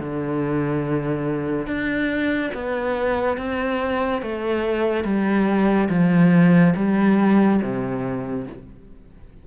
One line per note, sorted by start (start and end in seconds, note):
0.00 1.67 D3
1.67 2.52 D4
2.54 3.38 B3
3.38 4.22 C4
4.22 5.04 A3
5.04 5.89 G3
5.90 6.74 F3
6.76 7.61 G3
7.62 8.47 C3